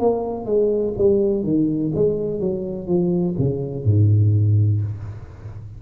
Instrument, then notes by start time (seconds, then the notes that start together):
tuba
0.00 A#3
0.46 G#3
0.98 G3
1.44 D#3
1.95 G#3
2.40 F#3
2.87 F3
3.38 C#3
3.85 G#2